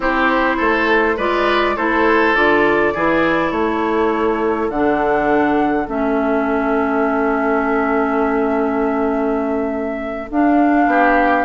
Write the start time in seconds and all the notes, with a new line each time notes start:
0.00 C4 E4 G4 C5
0.56 A3 A4
1.16 G#3 F4 B4 D5
1.75 A3 E4 A4 C5
2.34 D3 F4 D5
2.94 E3 E4 G#4
3.51 A3 A4 C#5
4.69 D3 D4 F#5
5.86 A3 C#4 E5
10.30 D4 F5
10.86 B3 G4